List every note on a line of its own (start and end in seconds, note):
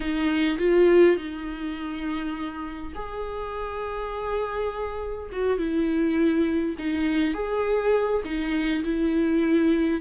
0.00 0.57 D#4
0.58 1.16 F4
1.16 2.93 D#4
2.94 5.29 G#4
5.32 5.57 F#4
5.57 6.75 E4
6.78 7.34 D#4
7.34 8.22 G#4
8.24 8.83 D#4
8.84 10.01 E4